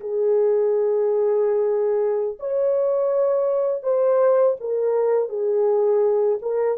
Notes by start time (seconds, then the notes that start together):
0.00 G#4
2.39 C#5
3.83 C5
4.60 A#4
5.29 G#4
6.42 A#4